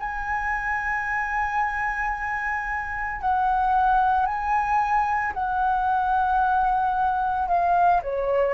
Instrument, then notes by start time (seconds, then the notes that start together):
flute
0.00 G#5
3.21 F#5
4.27 G#5
5.34 F#5
7.48 F5
8.03 C#5